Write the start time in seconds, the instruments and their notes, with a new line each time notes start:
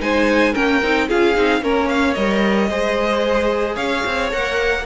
0.00 cello G#3, viola D#4, violin C5 G#5
0.53 cello A#3, viola C#4, violin A#4 G5
0.82 cello C4, viola D#4
1.08 cello C#4, viola F4, violin G#4 F5
1.35 cello C4, viola D#4
1.61 cello A#3, viola C#4, violin A#4 C#5
1.89 violin F5
2.14 cello G3, viola A#4, violin D#5
2.69 cello G#3, viola G#4, violin C5
3.75 cello C#4, violin C#5 F5
4.06 cello C4
4.31 cello A#3, viola A#4, violin F#5